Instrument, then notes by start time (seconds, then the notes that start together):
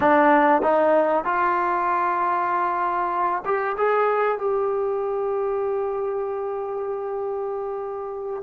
trombone
0.00 D4
0.62 D#4
1.24 F4
3.45 G4
3.77 G#4
4.38 G4